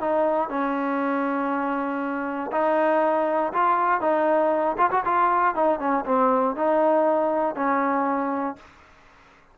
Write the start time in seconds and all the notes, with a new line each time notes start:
0.00 D#4
0.49 C#4
2.52 D#4
3.53 F4
4.01 D#4
4.78 F4
4.91 F#4
5.05 F4
5.55 D#4
5.79 C#4
6.05 C4
6.56 D#4
7.55 C#4